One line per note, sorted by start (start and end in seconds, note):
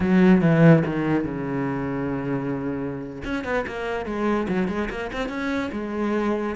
0.00 0.41 F#3
0.41 0.83 E3
0.85 1.24 D#3
1.24 3.22 C#3
3.24 3.44 C#4
3.44 3.65 B3
3.67 4.05 A#3
4.05 4.47 G#3
4.48 4.68 F#3
4.68 4.89 G#3
4.90 5.10 A#3
5.12 5.28 C4
5.28 5.70 C#4
5.72 6.55 G#3